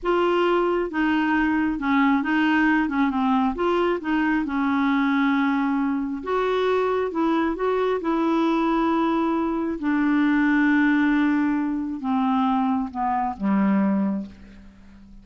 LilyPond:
\new Staff \with { instrumentName = "clarinet" } { \time 4/4 \tempo 4 = 135 f'2 dis'2 | cis'4 dis'4. cis'8 c'4 | f'4 dis'4 cis'2~ | cis'2 fis'2 |
e'4 fis'4 e'2~ | e'2 d'2~ | d'2. c'4~ | c'4 b4 g2 | }